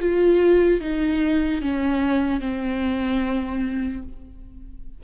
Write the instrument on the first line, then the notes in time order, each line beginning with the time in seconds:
viola
0.00 F4
0.81 D#4
1.61 C#4
2.41 C4